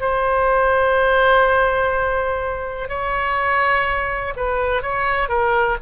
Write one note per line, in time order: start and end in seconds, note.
0.00 2.88 C5
2.88 4.33 C#5
4.36 4.82 B4
4.82 5.28 C#5
5.28 5.77 A#4